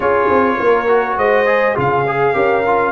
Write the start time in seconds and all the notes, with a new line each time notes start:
0.00 C#4 F4 G#4 C#5
0.29 C4
0.59 A#3 A#4
0.87 F#4
1.17 G#3 C5 D#5
1.46 G#4
1.75 C#3 F4 G#4 F5
2.07 G#4
2.33 C#4 G4 A#4
2.66 F4